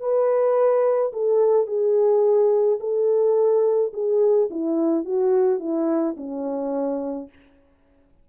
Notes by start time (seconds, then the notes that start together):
0.00 B4
1.13 A4
1.67 G#4
2.80 A4
3.94 G#4
4.50 E4
5.05 F#4
5.60 E4
6.17 C#4